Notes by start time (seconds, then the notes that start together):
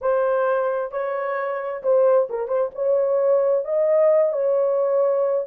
0.01 C5
0.91 C#5
1.82 C5
2.29 A#4
2.48 C5
2.74 C#5
3.64 D#5
4.32 C#5